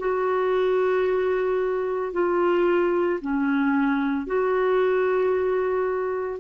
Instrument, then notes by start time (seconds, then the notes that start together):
clarinet
0.00 F#4
2.13 F4
3.21 C#4
4.27 F#4